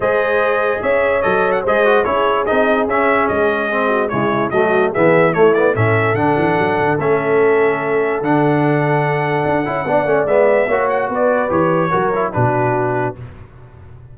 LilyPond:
<<
  \new Staff \with { instrumentName = "trumpet" } { \time 4/4 \tempo 4 = 146 dis''2 e''4 dis''8. fis''16 | dis''4 cis''4 dis''4 e''4 | dis''2 cis''4 dis''4 | e''4 cis''8 d''8 e''4 fis''4~ |
fis''4 e''2. | fis''1~ | fis''4 e''4. fis''8 d''4 | cis''2 b'2 | }
  \new Staff \with { instrumentName = "horn" } { \time 4/4 c''2 cis''2 | c''4 gis'2.~ | gis'4. fis'8 e'4 fis'4 | gis'4 e'4 a'2~ |
a'1~ | a'1 | d''2 cis''4 b'4~ | b'4 ais'4 fis'2 | }
  \new Staff \with { instrumentName = "trombone" } { \time 4/4 gis'2. a'4 | gis'8 fis'8 e'4 dis'4 cis'4~ | cis'4 c'4 gis4 a4 | b4 a8 b8 cis'4 d'4~ |
d'4 cis'2. | d'2.~ d'8 e'8 | d'8 cis'8 b4 fis'2 | g'4 fis'8 e'8 d'2 | }
  \new Staff \with { instrumentName = "tuba" } { \time 4/4 gis2 cis'4 fis4 | gis4 cis'4 c'4 cis'4 | gis2 cis4 fis4 | e4 a4 a,4 d8 e8 |
fis8 d8 a2. | d2. d'8 cis'8 | b8 a8 gis4 ais4 b4 | e4 fis4 b,2 | }
>>